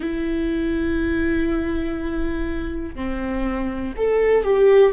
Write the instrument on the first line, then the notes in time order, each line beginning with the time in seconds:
viola
0.00 E4
2.95 C4
3.97 A4
4.43 G4